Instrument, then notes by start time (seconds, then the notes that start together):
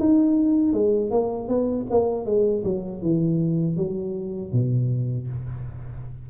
tuba
0.00 D#4
0.74 G#3
1.11 A#3
1.49 B3
1.91 A#3
2.26 G#3
2.65 F#3
3.02 E3
3.77 F#3
4.53 B2